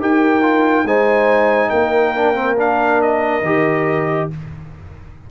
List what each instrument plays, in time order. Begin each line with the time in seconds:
0.00 tuba D#4, trombone G4, horn A#4, trumpet G5
0.42 trombone F4
0.85 tuba G#3, trombone D#4, horn C5, trumpet G#5
1.70 tuba A#3, horn A#4, trumpet G5
2.16 trombone D4
2.34 trombone C4
2.56 trombone D4, trumpet F5
3.02 trumpet D#5
3.42 tuba D#3, trombone G4